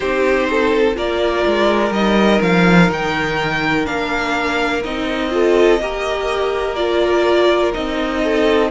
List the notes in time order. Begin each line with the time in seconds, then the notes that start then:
0.00 C4 D#4 G4 C5
0.50 A4
0.94 A#3 F4 A#4 D5
1.46 G#3
1.91 G3 D#4 D#5
2.41 F3 F5
2.90 D#3 G5
3.84 A#3 D4 F5
4.83 C4 D#4 D#5
5.30 F4 A4
5.80 A#3 G4 A#4
6.75 F4 D5
7.73 C4 D#4 D#5
8.22 A4